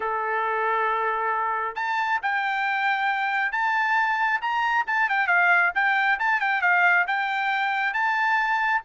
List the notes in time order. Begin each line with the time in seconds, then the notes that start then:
0.00 A4
1.75 A5
2.22 G5
3.52 A5
4.41 A#5
4.86 A5
5.09 G5
5.27 F5
5.74 G5
6.19 A5
6.40 G5
6.61 F5
7.07 G5
7.93 A5